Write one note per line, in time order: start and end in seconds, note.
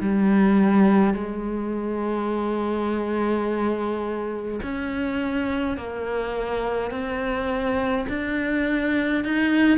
0.00 1.14 G3
1.14 4.60 G#3
4.63 5.77 C#4
5.77 6.91 A#3
6.91 8.06 C4
8.09 9.24 D4
9.24 9.78 D#4